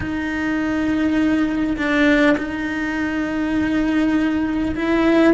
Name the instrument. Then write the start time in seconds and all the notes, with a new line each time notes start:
cello
0.00 D#4
1.77 D4
2.37 D#4
4.75 E4